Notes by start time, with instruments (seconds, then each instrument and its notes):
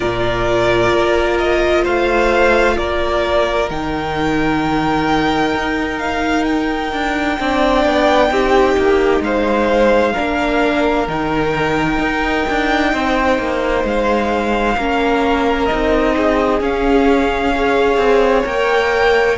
0.00 cello A#2, viola F4, violin A#4 D5
0.93 cello A#3
1.38 violin D#5
1.83 cello A3, violin C5 F5
2.77 cello A#3, violin A#4 D5
3.69 cello D#3, viola D#4, violin G5
5.54 cello D#4
5.98 violin F5
6.44 violin G5
6.92 cello D4
7.38 cello C4, viola D4, violin D5
7.85 cello B3
8.29 cello C4, viola D#4, violin G4
8.77 cello A#3
9.20 cello G#3, violin C5 F5
10.12 cello A#3, viola D4, violin A#4
11.07 cello D#3, viola D#4, violin G5
11.98 cello D#4
12.49 cello D4
12.92 cello C4, violin C5
13.38 cello A#3
13.83 cello G#3, violin F5
14.76 cello A#3, viola C#4, violin A#4
15.65 cello C4, viola D#4, violin D#5
16.16 violin G#4
16.60 viola C#4, cello C#4, violin F5
17.55 viola G#4, violin C#5
17.97 cello C4
18.44 cello A#3, viola A#4, violin G5